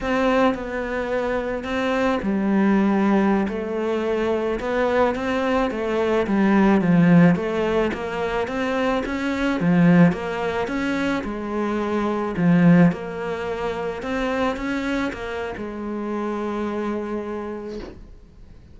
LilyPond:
\new Staff \with { instrumentName = "cello" } { \time 4/4 \tempo 4 = 108 c'4 b2 c'4 | g2~ g16 a4.~ a16~ | a16 b4 c'4 a4 g8.~ | g16 f4 a4 ais4 c'8.~ |
c'16 cis'4 f4 ais4 cis'8.~ | cis'16 gis2 f4 ais8.~ | ais4~ ais16 c'4 cis'4 ais8. | gis1 | }